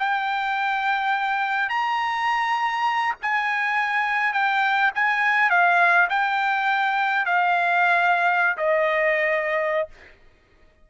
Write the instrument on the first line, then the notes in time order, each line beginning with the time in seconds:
trumpet
0.00 G5
1.70 A#5
3.22 G#5
4.33 G5
4.95 G#5
5.50 F5
6.10 G5
7.26 F5
8.58 D#5